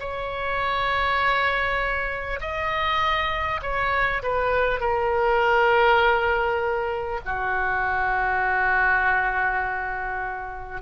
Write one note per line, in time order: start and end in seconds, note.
0.00 2.40 C#5
2.41 3.61 D#5
3.63 4.23 C#5
4.23 4.81 B4
4.81 7.21 A#4
7.25 10.82 F#4